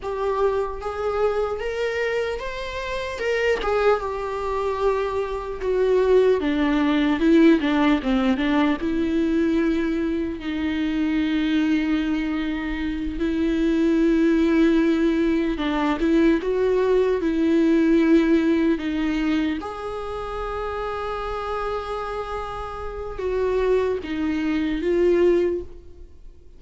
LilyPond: \new Staff \with { instrumentName = "viola" } { \time 4/4 \tempo 4 = 75 g'4 gis'4 ais'4 c''4 | ais'8 gis'8 g'2 fis'4 | d'4 e'8 d'8 c'8 d'8 e'4~ | e'4 dis'2.~ |
dis'8 e'2. d'8 | e'8 fis'4 e'2 dis'8~ | dis'8 gis'2.~ gis'8~ | gis'4 fis'4 dis'4 f'4 | }